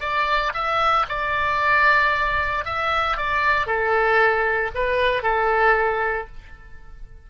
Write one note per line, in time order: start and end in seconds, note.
0.00 0.52 D5
0.53 1.06 E5
1.08 2.65 D5
2.65 3.17 E5
3.17 3.66 D5
3.66 4.71 A4
4.75 5.22 B4
5.22 6.27 A4